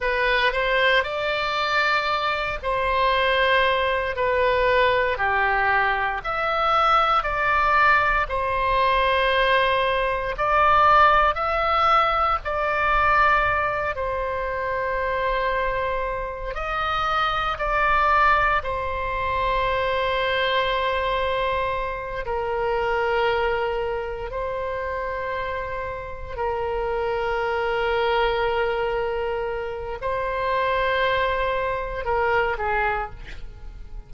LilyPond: \new Staff \with { instrumentName = "oboe" } { \time 4/4 \tempo 4 = 58 b'8 c''8 d''4. c''4. | b'4 g'4 e''4 d''4 | c''2 d''4 e''4 | d''4. c''2~ c''8 |
dis''4 d''4 c''2~ | c''4. ais'2 c''8~ | c''4. ais'2~ ais'8~ | ais'4 c''2 ais'8 gis'8 | }